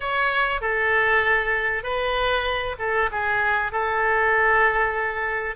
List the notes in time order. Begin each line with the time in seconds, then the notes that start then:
0.00 C#5
0.61 A4
1.83 B4
2.78 A4
3.11 G#4
3.72 A4